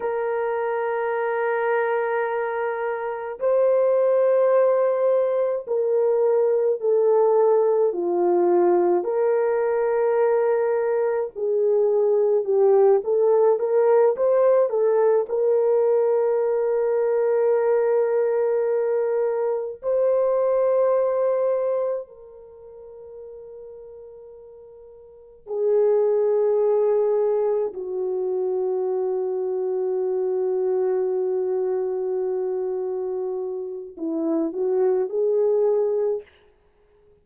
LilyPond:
\new Staff \with { instrumentName = "horn" } { \time 4/4 \tempo 4 = 53 ais'2. c''4~ | c''4 ais'4 a'4 f'4 | ais'2 gis'4 g'8 a'8 | ais'8 c''8 a'8 ais'2~ ais'8~ |
ais'4. c''2 ais'8~ | ais'2~ ais'8 gis'4.~ | gis'8 fis'2.~ fis'8~ | fis'2 e'8 fis'8 gis'4 | }